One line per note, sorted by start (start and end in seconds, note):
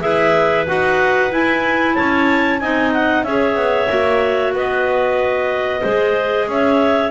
0.00 0.67 E4
0.00 0.65 G#4
0.00 1.94 B4
0.00 0.65 E5
0.67 1.32 D#4
0.67 1.30 F#4
0.67 1.32 F#5
1.30 2.59 E4
1.30 1.96 E4
1.30 1.94 G#5
1.94 2.60 C#4
1.94 2.59 C#5
1.94 2.59 A5
2.59 3.24 C4
2.59 3.26 D#4
2.59 3.24 D#5
2.59 2.91 G#5
2.93 3.23 F#5
3.23 3.55 C#4
3.23 3.87 G#4
3.23 4.53 C#5
3.23 4.52 E5
3.55 3.87 B3
3.87 4.53 A#3
3.87 5.81 F#4
4.53 5.82 B3
4.53 5.80 B4
4.53 6.50 D#5
5.80 6.47 G#3
5.80 6.44 C5
5.86 7.11 G#4
6.47 7.11 C#4
6.47 7.11 C#5
6.47 7.11 E5